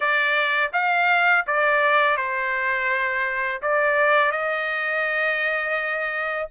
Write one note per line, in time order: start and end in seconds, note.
0.00 0.71 D5
0.73 1.45 F5
1.46 2.17 D5
2.17 3.61 C5
3.62 4.31 D5
4.31 6.48 D#5